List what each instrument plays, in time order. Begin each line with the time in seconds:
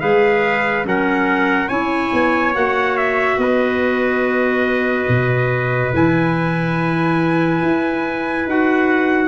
0.00 tuba G#3, clarinet G#4, trumpet B4 F5
0.85 tuba F#3, clarinet C#4, trumpet A#4 F#5
1.68 tuba C#4, clarinet E4, trumpet C#5 G#5
2.13 tuba B3
2.55 tuba A#3, clarinet F#4, trumpet F#5
2.97 trumpet E5
3.38 tuba B3, trumpet B4 D#5
5.08 tuba B2
5.93 tuba E3, clarinet E4, trumpet G#5
7.62 tuba E4
8.46 tuba D#4, clarinet F#4, trumpet F#5